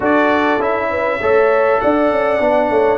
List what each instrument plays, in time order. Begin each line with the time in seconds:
0.00 tuba D4, trombone F#4, horn A4, trumpet D5
0.59 tuba C#4, trombone E4, trumpet E5
0.90 horn B4
1.21 tuba A3, trombone A4, horn C#5
1.80 tuba D4, horn D5, trumpet F#5
2.10 tuba C#4
2.39 tuba B3, trombone D4
2.70 tuba A3, horn C#5